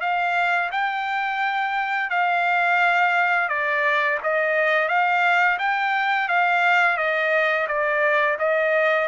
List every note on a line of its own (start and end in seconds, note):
0.00 0.70 F5
0.71 2.10 G5
2.10 3.49 F5
3.49 4.18 D5
4.23 4.88 D#5
4.88 5.58 F5
5.58 6.28 G5
6.28 6.97 F5
6.97 7.67 D#5
7.67 8.37 D5
8.38 9.08 D#5